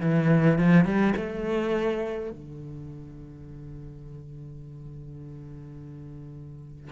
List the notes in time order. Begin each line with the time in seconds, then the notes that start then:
0.00 E3
0.58 F3
0.84 G3
1.16 A3
2.31 D3